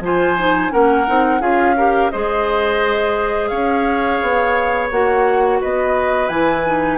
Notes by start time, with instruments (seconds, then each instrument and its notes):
0.00 bassoon F3, clarinet F4, oboe C5, flute G#5
0.38 clarinet D#4
0.70 bassoon A#3, clarinet C#4, oboe A#4, flute F#5
1.07 bassoon C4, clarinet D#4
1.40 bassoon C#4, clarinet F4, oboe G#4, flute F5
1.77 clarinet G4, oboe A#4
2.10 bassoon G#3, clarinet G#4, oboe C5, flute D#5
3.48 bassoon C#4, oboe C#5, flute F5
4.21 bassoon B3
4.91 bassoon A#3, clarinet F#4, flute F#5
5.61 bassoon B3, oboe B4, flute D#5
6.29 bassoon E3, clarinet E4, flute G#5
6.66 clarinet D#4